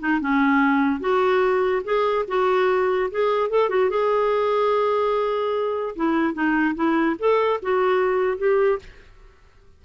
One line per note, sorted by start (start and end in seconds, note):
0.00 0.21 D#4
0.21 1.00 C#4
1.00 1.83 F#4
1.85 2.26 G#4
2.28 3.10 F#4
3.11 3.50 G#4
3.50 3.70 A4
3.70 3.90 F#4
3.90 5.96 G#4
5.96 6.34 E4
6.34 6.75 D#4
6.75 7.16 E4
7.19 7.60 A4
7.63 8.38 F#4
8.38 8.79 G4